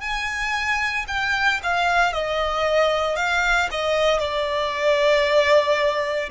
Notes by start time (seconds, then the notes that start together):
0.00 G#5
1.07 G5
1.63 F5
2.12 D#5
3.16 F5
3.71 D#5
4.19 D5